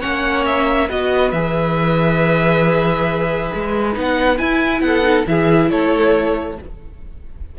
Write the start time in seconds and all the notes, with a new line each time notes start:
0.00 A#3 C#4 C#5 F#5
0.45 E5
0.88 B3 F#4 B4 D#5
1.31 E3 G#4 E5
3.54 G#3
3.93 B3 D#4
3.99 F#5
4.38 E4 G#5
4.80 B3 A4 F#5
5.03 D#4
5.25 E3 E4 G#4 E5
5.70 A3 A4 C#5